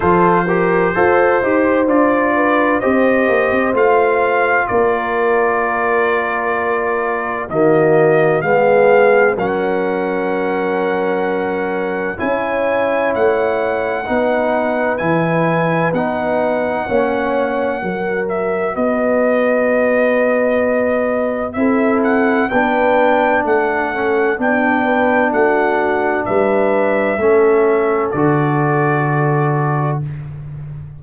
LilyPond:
<<
  \new Staff \with { instrumentName = "trumpet" } { \time 4/4 \tempo 4 = 64 c''2 d''4 dis''4 | f''4 d''2. | dis''4 f''4 fis''2~ | fis''4 gis''4 fis''2 |
gis''4 fis''2~ fis''8 e''8 | dis''2. e''8 fis''8 | g''4 fis''4 g''4 fis''4 | e''2 d''2 | }
  \new Staff \with { instrumentName = "horn" } { \time 4/4 a'8 ais'8 c''4. b'8 c''4~ | c''4 ais'2. | fis'4 gis'4 ais'2~ | ais'4 cis''2 b'4~ |
b'2 cis''4 ais'4 | b'2. a'4 | b'4 a'4 d'8 b'8 fis'4 | b'4 a'2. | }
  \new Staff \with { instrumentName = "trombone" } { \time 4/4 f'8 g'8 a'8 g'8 f'4 g'4 | f'1 | ais4 b4 cis'2~ | cis'4 e'2 dis'4 |
e'4 dis'4 cis'4 fis'4~ | fis'2. e'4 | d'4. cis'8 d'2~ | d'4 cis'4 fis'2 | }
  \new Staff \with { instrumentName = "tuba" } { \time 4/4 f4 f'8 dis'8 d'4 c'8 ais16 c'16 | a4 ais2. | dis4 gis4 fis2~ | fis4 cis'4 a4 b4 |
e4 b4 ais4 fis4 | b2. c'4 | b4 a4 b4 a4 | g4 a4 d2 | }
>>